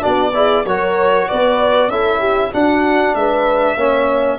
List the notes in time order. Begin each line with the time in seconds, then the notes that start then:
0.00 B3 D4 F#4 D5
0.34 E4 G#4
0.64 F#3 F#4 A#4 C#5
1.28 B3 B4 D5
1.88 C#4 E4 A4 E5
2.19 G4
2.52 D4 F#4 F#5
3.14 G#3 B4 E5
3.76 A#3 C#4 C#5